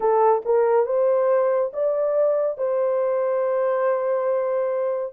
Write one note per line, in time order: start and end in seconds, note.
0.00 0.42 A4
0.45 0.86 A#4
0.86 1.71 C5
1.73 2.57 D5
2.57 5.13 C5